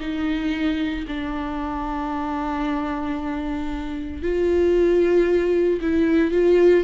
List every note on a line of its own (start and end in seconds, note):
0.00 1.05 D#4
1.07 4.22 D4
4.22 5.80 F4
5.81 6.31 E4
6.31 6.84 F4